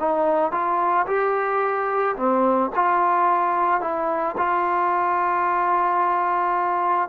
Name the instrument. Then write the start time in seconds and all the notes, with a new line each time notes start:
trombone
0.00 D#4
0.52 F4
1.07 G4
2.16 C4
2.75 F4
3.81 E4
4.37 F4